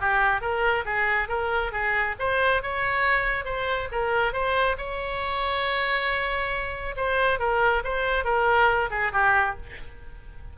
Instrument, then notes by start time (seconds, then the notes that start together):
oboe
0.00 G4
0.41 A#4
0.85 G#4
1.29 A#4
1.72 G#4
2.19 C5
2.62 C#5
3.45 C5
3.92 A#4
4.33 C5
4.78 C#5
6.96 C5
7.39 A#4
7.84 C5
8.25 A#4
8.90 G#4
9.13 G4